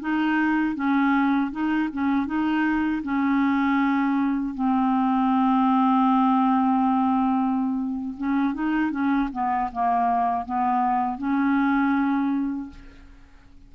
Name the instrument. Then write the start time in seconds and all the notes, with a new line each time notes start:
clarinet
0.00 D#4
0.75 C#4
1.51 D#4
1.92 C#4
2.26 D#4
3.03 C#4
4.54 C4
8.17 C#4
8.54 D#4
8.91 C#4
9.32 B3
9.72 A#3
10.45 B3
11.17 C#4